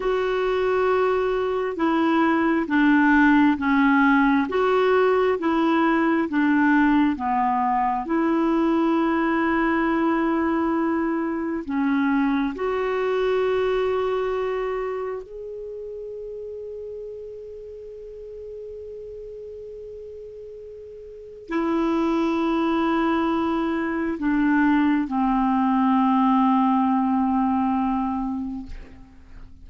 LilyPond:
\new Staff \with { instrumentName = "clarinet" } { \time 4/4 \tempo 4 = 67 fis'2 e'4 d'4 | cis'4 fis'4 e'4 d'4 | b4 e'2.~ | e'4 cis'4 fis'2~ |
fis'4 gis'2.~ | gis'1 | e'2. d'4 | c'1 | }